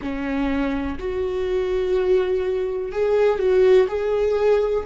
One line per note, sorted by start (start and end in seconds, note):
0.01 0.98 C#4
0.99 2.92 F#4
2.92 3.39 G#4
3.39 3.87 F#4
3.88 4.84 G#4